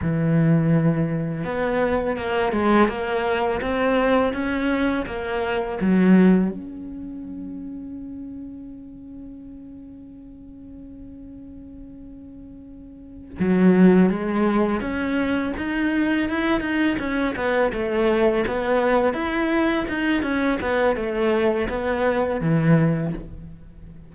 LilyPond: \new Staff \with { instrumentName = "cello" } { \time 4/4 \tempo 4 = 83 e2 b4 ais8 gis8 | ais4 c'4 cis'4 ais4 | fis4 cis'2.~ | cis'1~ |
cis'2~ cis'8 fis4 gis8~ | gis8 cis'4 dis'4 e'8 dis'8 cis'8 | b8 a4 b4 e'4 dis'8 | cis'8 b8 a4 b4 e4 | }